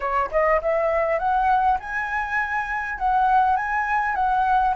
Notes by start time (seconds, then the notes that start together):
0.00 C#5
0.31 D#5
0.61 E5
1.19 F#5
1.79 G#5
2.98 F#5
3.56 G#5
4.15 F#5